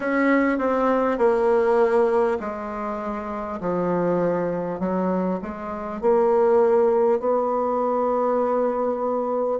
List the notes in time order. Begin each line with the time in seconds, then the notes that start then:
0.00 C#4
0.58 C4
1.17 A#3
2.40 G#3
3.60 F3
4.79 F#3
5.42 G#3
6.01 A#3
7.19 B3